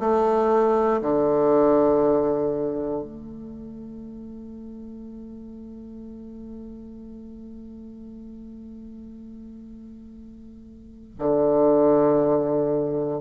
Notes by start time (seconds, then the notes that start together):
0.00 A3
1.02 D3
3.03 A3
11.19 D3